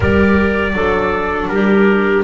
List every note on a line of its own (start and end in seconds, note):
0.00 0.73 G3
0.00 0.75 G4
0.00 0.73 A#4
0.00 1.48 D5
0.73 1.48 F#3
0.73 2.24 D4
0.73 1.50 A4
1.48 2.23 G3
1.48 2.24 G4
1.48 2.23 A#4